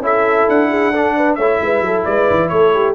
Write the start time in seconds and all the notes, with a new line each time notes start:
0.00 C#4 E4 A4 E5
0.49 D4 F#5
0.70 G#4
0.93 D4 A4
1.17 B4
1.35 A3 C#5 E5
1.42 E4
1.62 G#3 B4
1.81 F#3 A4
2.05 G#3 B4 D5
2.31 E3
2.49 A3 A4 C#5
2.75 G4